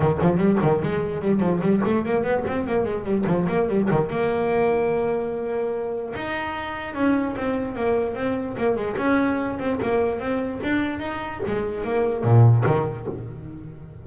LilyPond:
\new Staff \with { instrumentName = "double bass" } { \time 4/4 \tempo 4 = 147 dis8 f8 g8 dis8 gis4 g8 f8 | g8 a8 ais8 b8 c'8 ais8 gis8 g8 | f8 ais8 g8 dis8 ais2~ | ais2. dis'4~ |
dis'4 cis'4 c'4 ais4 | c'4 ais8 gis8 cis'4. c'8 | ais4 c'4 d'4 dis'4 | gis4 ais4 ais,4 dis4 | }